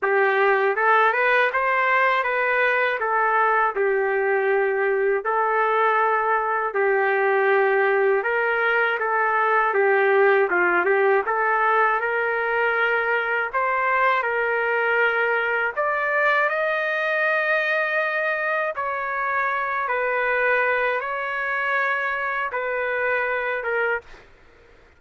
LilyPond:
\new Staff \with { instrumentName = "trumpet" } { \time 4/4 \tempo 4 = 80 g'4 a'8 b'8 c''4 b'4 | a'4 g'2 a'4~ | a'4 g'2 ais'4 | a'4 g'4 f'8 g'8 a'4 |
ais'2 c''4 ais'4~ | ais'4 d''4 dis''2~ | dis''4 cis''4. b'4. | cis''2 b'4. ais'8 | }